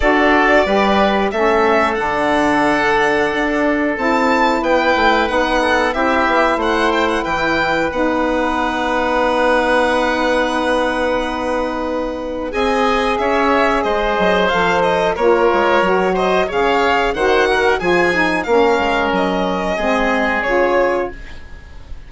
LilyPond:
<<
  \new Staff \with { instrumentName = "violin" } { \time 4/4 \tempo 4 = 91 d''2 e''4 fis''4~ | fis''2 a''4 g''4 | fis''4 e''4 fis''8 g''16 fis''16 g''4 | fis''1~ |
fis''2. gis''4 | e''4 dis''4 f''8 dis''8 cis''4~ | cis''8 dis''8 f''4 fis''4 gis''4 | f''4 dis''2 cis''4 | }
  \new Staff \with { instrumentName = "oboe" } { \time 4/4 a'4 b'4 a'2~ | a'2. b'4~ | b'8 a'8 g'4 c''4 b'4~ | b'1~ |
b'2. dis''4 | cis''4 c''2 ais'4~ | ais'8 c''8 cis''4 c''8 ais'8 gis'4 | ais'2 gis'2 | }
  \new Staff \with { instrumentName = "saxophone" } { \time 4/4 fis'4 g'4 cis'4 d'4~ | d'2 e'2 | dis'4 e'2. | dis'1~ |
dis'2. gis'4~ | gis'2 a'4 f'4 | fis'4 gis'4 fis'4 f'8 dis'8 | cis'2 c'4 f'4 | }
  \new Staff \with { instrumentName = "bassoon" } { \time 4/4 d'4 g4 a4 d4~ | d4 d'4 c'4 b8 a8 | b4 c'8 b8 a4 e4 | b1~ |
b2. c'4 | cis'4 gis8 fis8 f4 ais8 gis8 | fis4 cis4 dis4 f4 | ais8 gis8 fis4 gis4 cis4 | }
>>